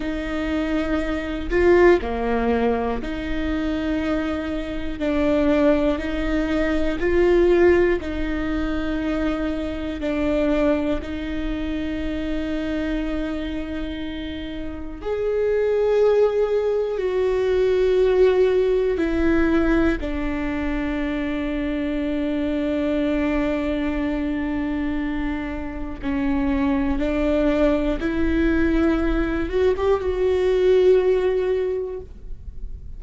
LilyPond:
\new Staff \with { instrumentName = "viola" } { \time 4/4 \tempo 4 = 60 dis'4. f'8 ais4 dis'4~ | dis'4 d'4 dis'4 f'4 | dis'2 d'4 dis'4~ | dis'2. gis'4~ |
gis'4 fis'2 e'4 | d'1~ | d'2 cis'4 d'4 | e'4. fis'16 g'16 fis'2 | }